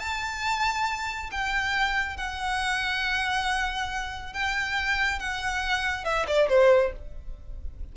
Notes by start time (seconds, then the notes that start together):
0.00 A5
1.32 G5
2.17 F#5
4.33 G5
5.20 F#5
6.05 E5
6.28 D5
6.49 C5